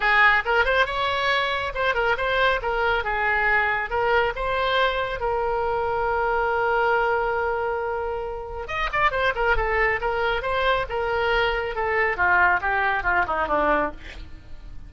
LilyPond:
\new Staff \with { instrumentName = "oboe" } { \time 4/4 \tempo 4 = 138 gis'4 ais'8 c''8 cis''2 | c''8 ais'8 c''4 ais'4 gis'4~ | gis'4 ais'4 c''2 | ais'1~ |
ais'1 | dis''8 d''8 c''8 ais'8 a'4 ais'4 | c''4 ais'2 a'4 | f'4 g'4 f'8 dis'8 d'4 | }